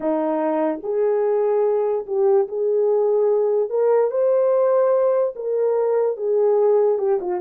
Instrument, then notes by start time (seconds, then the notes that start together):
horn
0.00 D#4
0.82 G#4
2.06 G4
2.47 G#4
3.69 A#4
4.10 C5
5.35 A#4
6.16 G#4
6.98 G4
7.20 F4